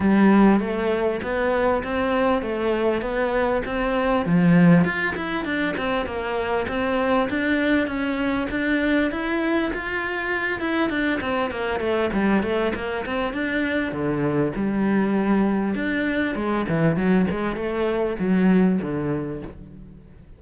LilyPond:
\new Staff \with { instrumentName = "cello" } { \time 4/4 \tempo 4 = 99 g4 a4 b4 c'4 | a4 b4 c'4 f4 | f'8 e'8 d'8 c'8 ais4 c'4 | d'4 cis'4 d'4 e'4 |
f'4. e'8 d'8 c'8 ais8 a8 | g8 a8 ais8 c'8 d'4 d4 | g2 d'4 gis8 e8 | fis8 gis8 a4 fis4 d4 | }